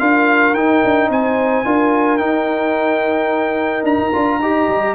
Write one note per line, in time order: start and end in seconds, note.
0.00 0.54 D4
0.00 0.55 F4
0.00 1.10 A#4
0.00 0.54 F5
0.54 0.82 D#4
0.54 1.65 D#4
0.54 1.09 G5
0.84 1.10 D4
1.10 1.65 C4
1.10 1.65 C5
1.10 2.18 G#5
1.65 2.20 D4
1.65 2.19 F4
1.65 4.41 A#4
2.18 4.12 D#4
2.18 3.84 D#4
2.18 3.83 G5
3.84 3.97 D4
3.84 4.95 A#5
3.98 4.12 D#4
4.13 4.40 D4
4.13 4.40 F4
4.40 4.67 D#4
4.40 4.95 G4
4.40 4.95 D#5
4.68 4.95 G3